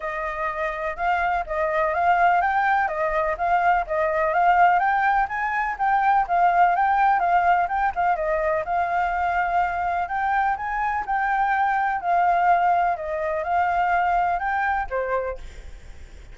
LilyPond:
\new Staff \with { instrumentName = "flute" } { \time 4/4 \tempo 4 = 125 dis''2 f''4 dis''4 | f''4 g''4 dis''4 f''4 | dis''4 f''4 g''4 gis''4 | g''4 f''4 g''4 f''4 |
g''8 f''8 dis''4 f''2~ | f''4 g''4 gis''4 g''4~ | g''4 f''2 dis''4 | f''2 g''4 c''4 | }